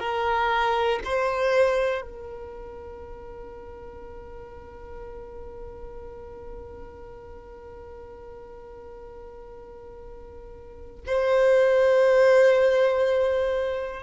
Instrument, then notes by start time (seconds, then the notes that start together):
violin
0.00 A#4
1.05 C5
2.02 A#4
11.07 C5